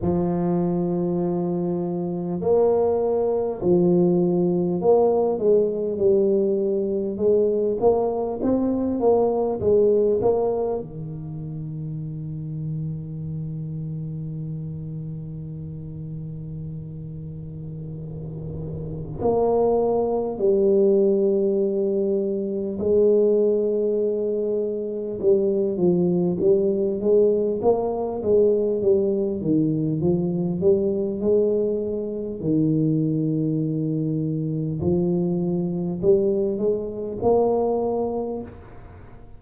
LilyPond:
\new Staff \with { instrumentName = "tuba" } { \time 4/4 \tempo 4 = 50 f2 ais4 f4 | ais8 gis8 g4 gis8 ais8 c'8 ais8 | gis8 ais8 dis2.~ | dis1 |
ais4 g2 gis4~ | gis4 g8 f8 g8 gis8 ais8 gis8 | g8 dis8 f8 g8 gis4 dis4~ | dis4 f4 g8 gis8 ais4 | }